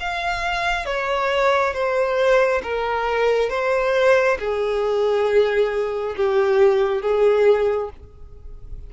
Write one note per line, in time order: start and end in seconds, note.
0.00 0.86 F5
0.86 1.74 C#5
1.74 2.62 C5
2.63 3.50 A#4
3.50 4.38 C5
4.39 6.16 G#4
6.16 7.02 G4
7.02 7.90 G#4